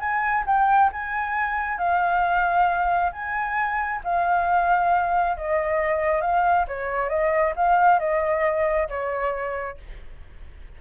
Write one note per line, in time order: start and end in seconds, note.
0.00 0.44 G#5
0.46 0.91 G5
0.93 1.78 G#5
1.78 3.12 F5
3.13 4.01 G#5
4.04 5.37 F5
5.37 6.22 D#5
6.22 6.66 F5
6.68 7.09 C#5
7.09 7.54 D#5
7.56 8.00 F5
8.00 8.88 D#5
8.89 9.78 C#5